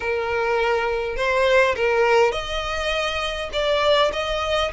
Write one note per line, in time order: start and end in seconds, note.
0.00 1.16 A#4
1.16 1.75 C5
1.75 2.32 A#4
2.32 3.49 D#5
3.52 4.11 D5
4.12 4.71 D#5